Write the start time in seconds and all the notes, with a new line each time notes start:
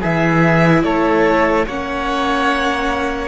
0.00 E3 E4 G#4 E5
0.83 A3 A4 C#5
1.66 A#3 C#4 C#5 F#5